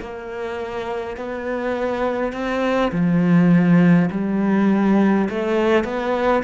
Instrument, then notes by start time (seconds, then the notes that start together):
cello
0.00 A#3
1.17 B3
2.33 C4
2.92 F3
4.11 G3
5.29 A3
5.84 B3